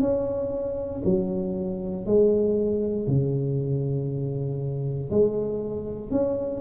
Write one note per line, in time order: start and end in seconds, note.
0.00 1.02 C#4
1.04 2.06 F#3
2.06 3.07 G#3
3.07 5.10 C#3
5.10 6.11 G#3
6.11 6.61 C#4